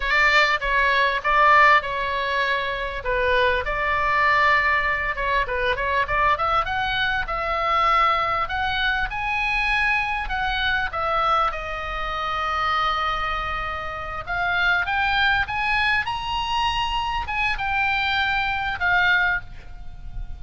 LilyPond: \new Staff \with { instrumentName = "oboe" } { \time 4/4 \tempo 4 = 99 d''4 cis''4 d''4 cis''4~ | cis''4 b'4 d''2~ | d''8 cis''8 b'8 cis''8 d''8 e''8 fis''4 | e''2 fis''4 gis''4~ |
gis''4 fis''4 e''4 dis''4~ | dis''2.~ dis''8 f''8~ | f''8 g''4 gis''4 ais''4.~ | ais''8 gis''8 g''2 f''4 | }